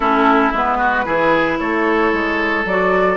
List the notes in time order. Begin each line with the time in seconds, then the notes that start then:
0.00 A3 C#4 E4 A4
0.52 G#3 B3 B4
0.78 F#4
1.05 E3 E4 G#4
1.58 A3 A4 C#5
2.12 G#3
2.64 F#3 F#4 D5